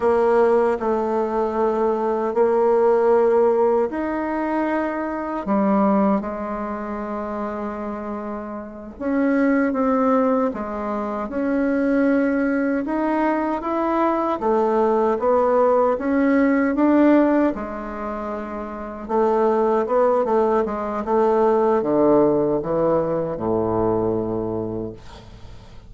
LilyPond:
\new Staff \with { instrumentName = "bassoon" } { \time 4/4 \tempo 4 = 77 ais4 a2 ais4~ | ais4 dis'2 g4 | gis2.~ gis8 cis'8~ | cis'8 c'4 gis4 cis'4.~ |
cis'8 dis'4 e'4 a4 b8~ | b8 cis'4 d'4 gis4.~ | gis8 a4 b8 a8 gis8 a4 | d4 e4 a,2 | }